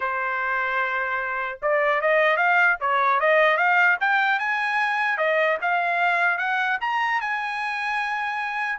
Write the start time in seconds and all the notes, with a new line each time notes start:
0.00 C5
1.62 D5
2.01 D#5
2.36 F5
2.80 C#5
3.20 D#5
3.57 F5
4.00 G5
4.39 G#5
5.17 D#5
5.61 F5
6.38 F#5
6.80 A#5
7.20 G#5